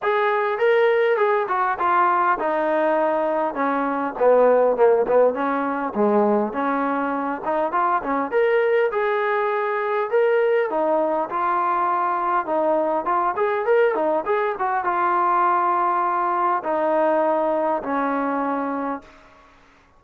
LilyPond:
\new Staff \with { instrumentName = "trombone" } { \time 4/4 \tempo 4 = 101 gis'4 ais'4 gis'8 fis'8 f'4 | dis'2 cis'4 b4 | ais8 b8 cis'4 gis4 cis'4~ | cis'8 dis'8 f'8 cis'8 ais'4 gis'4~ |
gis'4 ais'4 dis'4 f'4~ | f'4 dis'4 f'8 gis'8 ais'8 dis'8 | gis'8 fis'8 f'2. | dis'2 cis'2 | }